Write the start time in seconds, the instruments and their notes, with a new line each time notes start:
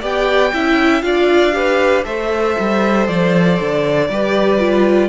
0.00 cello B3, viola G4, violin D5 G5
0.53 cello C#4, viola E4, violin E5
1.02 cello D4, viola F4, violin D5 F5
1.52 viola G4, violin B4
2.03 cello A3, viola A4, violin C5 E5
2.59 cello G3
3.07 cello F3, violin D5
3.60 cello D3
4.09 cello G3, viola G4, violin B4
4.59 viola F4